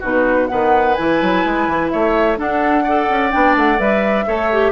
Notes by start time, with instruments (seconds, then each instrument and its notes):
0.00 bassoon B2, clarinet D#4, oboe F#4, flute B4
0.48 bassoon D#3, clarinet B3, oboe B4, flute F#5
0.95 bassoon E3, clarinet E4, flute G#5
1.22 bassoon F#3
1.45 bassoon G#3
1.68 bassoon E3
1.90 bassoon A3, oboe C#5, flute E5
2.37 clarinet D4, bassoon D4, oboe A4, flute F#5
2.84 clarinet A4, oboe D5
3.10 bassoon C#4
3.31 bassoon B3, clarinet D4, flute G5
3.56 bassoon A3, flute F#5
3.79 bassoon G3, clarinet B4, flute E5
4.27 bassoon A3, clarinet A4, oboe C#5
4.52 clarinet G4